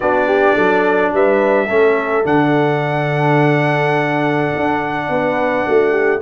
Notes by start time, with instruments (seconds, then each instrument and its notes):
0.00 tuba B3, trombone D4, horn F#4, trumpet D5
0.27 horn G4
0.54 tuba F#3, horn A4
1.12 tuba G3, horn B4, trumpet E5
1.66 tuba A3, trombone C#4, horn A4
2.23 tuba D3, trombone D4, trumpet F#5
4.55 tuba D4
5.09 tuba B3, horn B4
5.67 tuba A3, horn F#4
5.91 horn G4